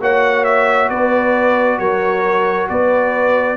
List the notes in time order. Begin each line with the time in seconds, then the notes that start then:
0.00 A#3 F#4 C#5 F#5
0.44 E5
0.90 B3 B4 D5
1.79 F#3 A#4 C#5
2.69 B3 B4 D5